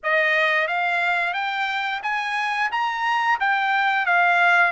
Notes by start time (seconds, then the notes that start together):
0.03 D#5
0.67 F5
1.33 G5
2.03 G#5
2.71 A#5
3.40 G5
4.06 F5